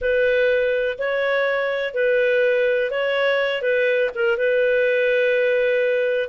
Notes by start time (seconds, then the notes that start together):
0.01 B4
0.98 C#5
1.94 B4
2.90 C#5
3.62 B4
4.14 A#4
4.37 B4